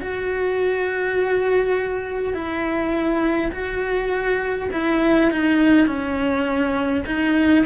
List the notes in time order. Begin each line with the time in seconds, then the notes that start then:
0.00 F#4
2.33 E4
3.51 F#4
4.72 E4
5.30 D#4
5.86 C#4
7.06 D#4